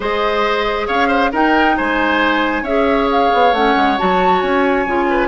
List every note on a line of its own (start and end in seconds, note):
0.00 0.87 G#3
0.00 1.32 G#4
0.00 0.87 C5
0.00 0.87 D#5
0.87 1.33 C#4
0.87 1.08 C#5
0.87 1.31 F5
1.08 1.30 C5
1.32 1.77 D#4
1.32 2.66 D#4
1.32 1.76 A#4
1.32 1.77 G5
1.77 2.62 G#3
1.77 2.62 C5
1.77 2.64 G#5
2.62 3.28 C#4
2.62 3.54 G#4
2.62 5.05 C#5
2.62 3.08 E5
3.11 3.54 F5
3.33 3.52 B3
3.52 3.74 A3
3.52 3.97 C#4
3.52 3.98 F#5
3.76 3.98 G#3
3.97 4.42 F#3
3.97 4.86 F#4
3.97 4.41 A5
4.41 4.86 C#4
4.41 5.28 G#5
4.86 5.28 C#3
4.86 5.28 F4
5.09 5.28 B4